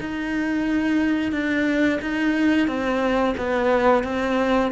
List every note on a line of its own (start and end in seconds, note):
0.00 1.32 D#4
1.32 1.99 D4
2.01 2.67 D#4
2.67 3.35 C4
3.37 4.04 B3
4.04 4.71 C4